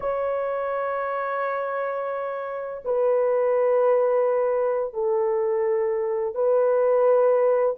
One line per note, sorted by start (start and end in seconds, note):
0.00 2.82 C#5
2.84 4.93 B4
4.93 6.34 A4
6.34 7.76 B4